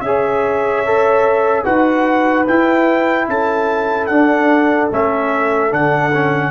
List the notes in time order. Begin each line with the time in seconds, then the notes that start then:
0.00 C#4 G#4 E5
0.06 C#5
0.85 A4
1.64 D#4 F#4 B4 F#5
2.47 E4 G5
3.28 C#4 A4 A5
4.06 D4 F#5
4.91 A3 C#4 E5
5.70 D3 D4 F#5
6.13 C#4